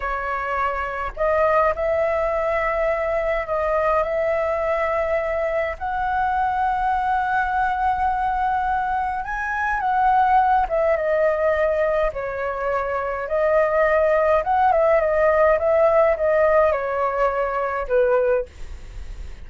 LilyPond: \new Staff \with { instrumentName = "flute" } { \time 4/4 \tempo 4 = 104 cis''2 dis''4 e''4~ | e''2 dis''4 e''4~ | e''2 fis''2~ | fis''1 |
gis''4 fis''4. e''8 dis''4~ | dis''4 cis''2 dis''4~ | dis''4 fis''8 e''8 dis''4 e''4 | dis''4 cis''2 b'4 | }